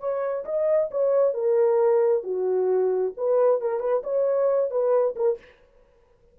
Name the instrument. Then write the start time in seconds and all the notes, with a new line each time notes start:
horn
0.00 C#5
0.45 D#5
0.91 C#5
1.34 A#4
2.24 F#4
3.17 B4
3.61 A#4
3.80 B4
4.04 C#5
4.71 B4
5.16 A#4